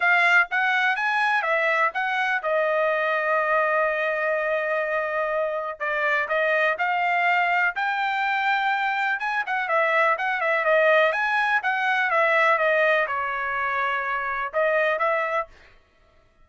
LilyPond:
\new Staff \with { instrumentName = "trumpet" } { \time 4/4 \tempo 4 = 124 f''4 fis''4 gis''4 e''4 | fis''4 dis''2.~ | dis''1 | d''4 dis''4 f''2 |
g''2. gis''8 fis''8 | e''4 fis''8 e''8 dis''4 gis''4 | fis''4 e''4 dis''4 cis''4~ | cis''2 dis''4 e''4 | }